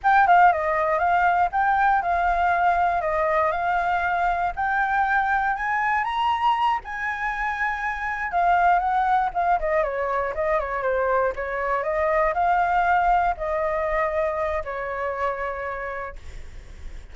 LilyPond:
\new Staff \with { instrumentName = "flute" } { \time 4/4 \tempo 4 = 119 g''8 f''8 dis''4 f''4 g''4 | f''2 dis''4 f''4~ | f''4 g''2 gis''4 | ais''4. gis''2~ gis''8~ |
gis''8 f''4 fis''4 f''8 dis''8 cis''8~ | cis''8 dis''8 cis''8 c''4 cis''4 dis''8~ | dis''8 f''2 dis''4.~ | dis''4 cis''2. | }